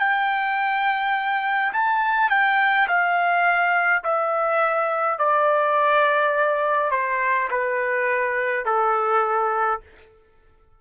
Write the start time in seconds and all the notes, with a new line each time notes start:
0.00 G5
1.74 A5
2.30 G5
2.88 F5
4.04 E5
5.19 D5
6.92 C5
7.51 B4
8.66 A4